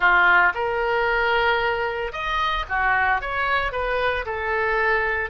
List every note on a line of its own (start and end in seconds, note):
0.00 0.52 F4
0.54 2.12 A#4
2.12 2.65 D#5
2.68 3.21 F#4
3.21 3.72 C#5
3.72 4.25 B4
4.25 5.30 A4